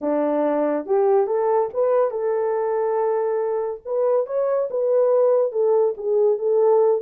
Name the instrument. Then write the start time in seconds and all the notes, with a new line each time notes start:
horn
0.01 D4
0.86 G4
1.26 A4
1.73 B4
2.10 A4
3.85 B4
4.26 C#5
4.70 B4
5.52 A4
5.97 G#4
6.38 A4